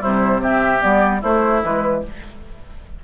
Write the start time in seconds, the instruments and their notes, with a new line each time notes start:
0.00 bassoon C3, clarinet G3, oboe E4, flute C5
0.41 clarinet C4, oboe G4, flute E5
0.80 bassoon G3, clarinet B3, flute D5
1.21 bassoon A3, clarinet A3, oboe E4, flute C5
1.63 bassoon E3, clarinet G#3, flute B4